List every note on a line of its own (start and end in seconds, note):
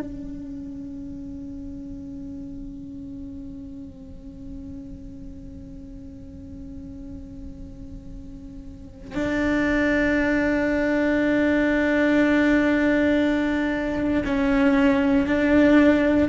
0.00 9.15 C#4
9.15 14.23 D4
14.25 15.27 C#4
15.27 16.29 D4